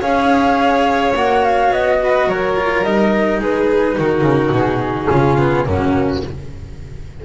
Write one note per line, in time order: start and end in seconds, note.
0.00 1.15 C#4
0.00 1.14 G#4
0.00 1.98 C#5
0.00 1.15 F5
1.15 1.71 A#3
1.15 2.57 F#4
1.15 1.45 F#5
1.45 1.73 F5
1.71 2.27 B3
1.71 2.30 D#5
2.04 2.29 B4
2.28 2.84 F#3
2.28 3.40 A#4
2.28 2.84 C#5
2.57 2.85 F4
2.84 3.41 G3
2.84 5.12 D#4
2.84 3.41 D#5
3.40 3.97 G#3
3.40 3.97 G#4
3.40 3.99 B4
3.99 4.22 D#3
3.99 5.11 F#4
3.99 4.55 A#4
4.22 4.50 C#3
4.52 5.09 B2
4.52 5.69 G#4
5.10 5.67 C#3
5.10 5.38 C#4
5.10 5.68 F4
5.38 5.66 B3
5.66 6.23 F#2
5.66 6.23 A#3
5.66 6.25 C#4
5.66 6.26 F#4